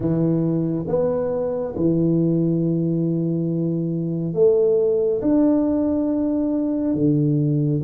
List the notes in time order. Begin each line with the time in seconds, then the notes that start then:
0.00 E3
0.87 B3
1.75 E3
4.33 A3
5.21 D4
6.94 D3